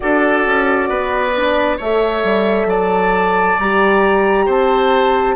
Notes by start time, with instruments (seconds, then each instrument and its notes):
0.00 bassoon D4, horn F#4, oboe A4, flute D5
0.46 bassoon C#4
0.89 bassoon B3, oboe B4
1.36 horn D4
1.77 bassoon A3, horn A4, oboe C#5, flute E5
2.23 bassoon G3
2.66 bassoon F#3, oboe D5, flute A5
3.59 bassoon G3, horn G4, flute A#5
4.45 bassoon C4, oboe C5, flute A5